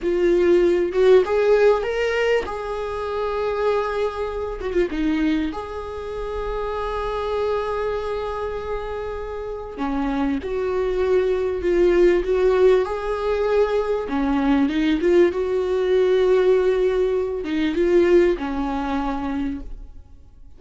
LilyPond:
\new Staff \with { instrumentName = "viola" } { \time 4/4 \tempo 4 = 98 f'4. fis'8 gis'4 ais'4 | gis'2.~ gis'8 fis'16 f'16 | dis'4 gis'2.~ | gis'1 |
cis'4 fis'2 f'4 | fis'4 gis'2 cis'4 | dis'8 f'8 fis'2.~ | fis'8 dis'8 f'4 cis'2 | }